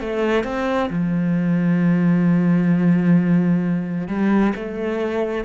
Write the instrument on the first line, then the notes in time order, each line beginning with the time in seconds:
cello
0.00 A3
0.44 C4
0.90 F3
4.08 G3
4.55 A3